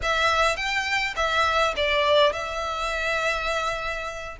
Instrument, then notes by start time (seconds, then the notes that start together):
violin
0.02 E5
0.56 G5
1.16 E5
1.76 D5
2.32 E5